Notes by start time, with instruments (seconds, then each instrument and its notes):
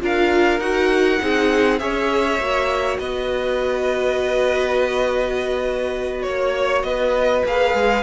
0.00 cello D4, viola F4, violin A#4 F5
0.60 cello D#4, viola F#4, violin F#5
1.19 cello C4, viola D#4, violin G#4
1.79 cello C#4, viola G#4, violin C#5 E5
2.39 cello A#3, viola F#4
2.99 cello B3, violin B4 D#5
6.23 cello A#3, violin C#5
6.29 violin C#5
6.83 cello B3, violin B4 D#5
7.46 cello A#3, viola G#4, violin F5
7.74 cello G#3